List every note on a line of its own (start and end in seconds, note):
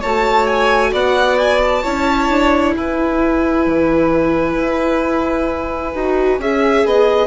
0.00 0.92 A3
0.00 1.83 F#4
0.00 0.91 C#5
0.00 0.47 A5
0.47 0.92 G#5
0.92 1.83 B3
0.92 1.83 D5
0.92 1.38 F#5
1.38 1.61 G#5
1.61 2.73 A5
1.83 2.29 C#4
1.83 5.92 E4
1.83 2.74 C#5
2.29 2.75 D4
2.73 3.66 E4
2.73 6.40 B4
2.73 7.26 G#5
3.66 4.57 E3
4.57 5.93 E4
5.94 6.39 D#4
5.94 6.39 F#4
6.39 6.84 C#4
6.39 7.26 G#4
6.39 6.87 E5
6.85 7.26 B3
6.85 7.26 D#5